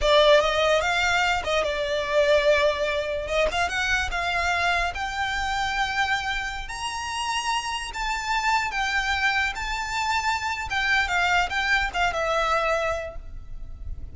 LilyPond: \new Staff \with { instrumentName = "violin" } { \time 4/4 \tempo 4 = 146 d''4 dis''4 f''4. dis''8 | d''1 | dis''8 f''8 fis''4 f''2 | g''1~ |
g''16 ais''2. a''8.~ | a''4~ a''16 g''2 a''8.~ | a''2 g''4 f''4 | g''4 f''8 e''2~ e''8 | }